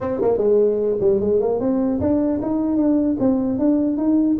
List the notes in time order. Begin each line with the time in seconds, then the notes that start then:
0.01 C4
0.21 A#3
0.37 G#3
1.00 G3
1.20 G#3
1.40 A#3
1.59 C4
2.00 D4
2.41 D#4
2.76 D4
3.19 C4
3.58 D4
3.97 D#4